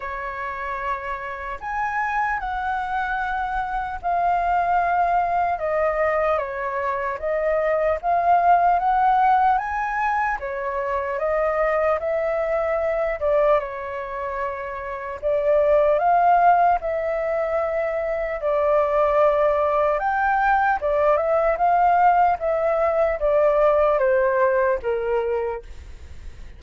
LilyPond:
\new Staff \with { instrumentName = "flute" } { \time 4/4 \tempo 4 = 75 cis''2 gis''4 fis''4~ | fis''4 f''2 dis''4 | cis''4 dis''4 f''4 fis''4 | gis''4 cis''4 dis''4 e''4~ |
e''8 d''8 cis''2 d''4 | f''4 e''2 d''4~ | d''4 g''4 d''8 e''8 f''4 | e''4 d''4 c''4 ais'4 | }